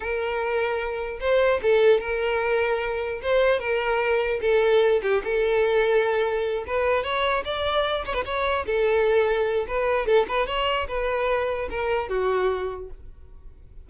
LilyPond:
\new Staff \with { instrumentName = "violin" } { \time 4/4 \tempo 4 = 149 ais'2. c''4 | a'4 ais'2. | c''4 ais'2 a'4~ | a'8 g'8 a'2.~ |
a'8 b'4 cis''4 d''4. | cis''16 b'16 cis''4 a'2~ a'8 | b'4 a'8 b'8 cis''4 b'4~ | b'4 ais'4 fis'2 | }